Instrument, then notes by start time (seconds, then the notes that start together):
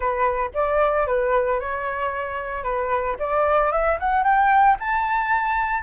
flute
0.00 B4
0.53 D5
1.06 B4
1.60 C#5
2.63 B4
3.19 D5
3.72 E5
3.99 F#5
4.23 G5
4.79 A5